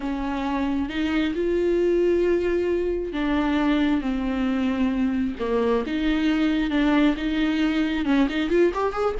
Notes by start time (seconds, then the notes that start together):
0.00 C#4
0.89 D#4
1.34 F4
3.12 D4
4.01 C4
5.39 A#3
5.86 D#4
6.70 D4
7.16 D#4
8.05 C#4
8.29 D#4
8.49 F4
8.73 G4
8.92 G#4